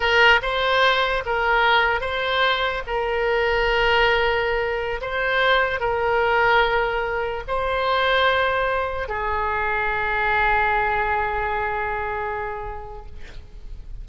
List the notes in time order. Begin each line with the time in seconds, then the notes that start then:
0.00 A#4
0.42 C5
1.25 A#4
2.01 C5
2.86 A#4
5.01 C5
5.79 A#4
7.47 C5
9.08 G#4